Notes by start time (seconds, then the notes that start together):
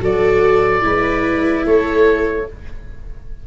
0.00 F#3 F#4 A4 D5
0.81 G#3 E4 B4
1.65 A3 A4 C#5